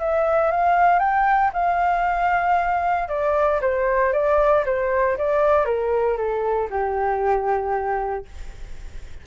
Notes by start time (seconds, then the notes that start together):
0.00 E5
0.51 F5
0.99 G5
1.53 F5
3.09 D5
3.61 C5
4.13 D5
4.66 C5
5.18 D5
5.65 A#4
6.17 A4
6.70 G4